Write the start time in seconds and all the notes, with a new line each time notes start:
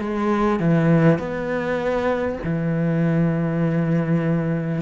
0.00 G#3
0.60 E3
1.19 B3
2.44 E3